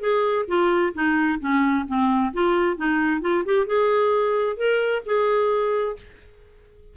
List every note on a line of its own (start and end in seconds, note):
0.00 0.45 G#4
0.48 0.93 F4
0.94 1.39 D#4
1.40 1.86 C#4
1.87 2.33 C4
2.33 2.77 F4
2.77 3.21 D#4
3.21 3.44 F4
3.45 3.66 G4
3.66 4.57 G#4
4.57 5.02 A#4
5.05 5.96 G#4